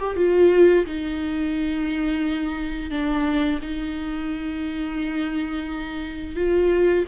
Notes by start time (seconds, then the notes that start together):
0.00 G4
0.16 F4
0.86 D#4
2.91 D4
3.62 D#4
6.36 F4